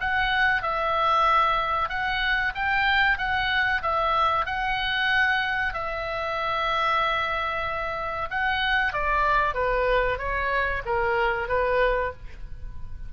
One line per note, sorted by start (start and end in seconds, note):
0.00 0.62 F#5
0.62 1.89 E5
1.89 2.53 F#5
2.55 3.18 G5
3.18 3.82 F#5
3.82 4.46 E5
4.46 5.73 F#5
5.74 8.29 E5
8.30 8.93 F#5
8.93 9.54 D5
9.54 10.18 B4
10.18 10.82 C#5
10.85 11.48 A#4
11.48 12.12 B4